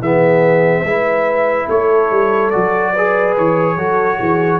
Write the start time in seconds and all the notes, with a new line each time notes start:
0.00 E3 B3 G#4 E5
0.83 G#3 E4 B4
1.66 A3 A4 C#5
2.10 G3
2.50 F#3 F#4 D5
2.93 G#4 B4
3.37 E3 C#5
3.76 F#3 F#4 A4
4.20 E3 G#4